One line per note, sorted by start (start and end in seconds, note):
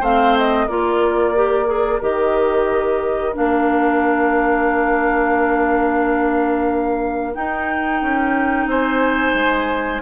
0.00 0.67 A3
0.00 0.68 C4
0.00 0.66 C5
0.00 0.37 F5
0.37 0.68 D#5
0.66 2.01 A#3
0.66 1.35 F4
0.66 8.66 A#4
0.66 2.01 D5
1.35 1.66 G4
1.66 1.99 G#4
2.01 3.35 D#3
2.01 3.33 G4
2.01 3.35 D#5
3.33 7.35 A#3
3.33 7.33 D4
3.33 7.34 F5
7.33 10.00 D#4
7.33 8.01 D#4
7.33 8.67 G5
8.01 8.66 C#4
8.66 9.33 C4
8.66 10.01 C5
8.66 10.01 G#5
9.33 10.00 G#3